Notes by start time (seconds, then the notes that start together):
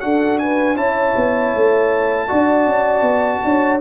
0.00 D4 F#4 A4 F#5
0.38 B4 G#5
0.76 C#4 E4 C#5 A5
1.16 B3
1.55 A3
2.28 D4 F#4 D5
2.67 C#4
3.02 B3
3.43 D4 C#5